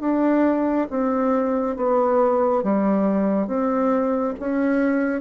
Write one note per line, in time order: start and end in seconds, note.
0.00 0.87 D4
0.89 1.76 C4
1.76 2.62 B3
2.62 3.47 G3
3.47 4.34 C4
4.39 5.21 C#4